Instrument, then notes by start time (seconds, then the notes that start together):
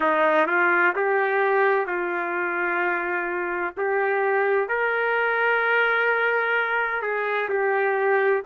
trumpet
0.00 D#4
0.46 F4
0.95 G4
1.86 F4
3.77 G4
4.68 A#4
7.01 G#4
7.49 G4